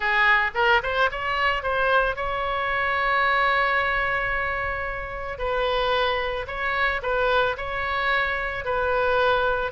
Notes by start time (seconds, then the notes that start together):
0.00 G#4
0.54 A#4
0.83 C5
1.11 C#5
1.62 C5
2.15 C#5
5.38 B4
6.47 C#5
7.02 B4
7.57 C#5
8.65 B4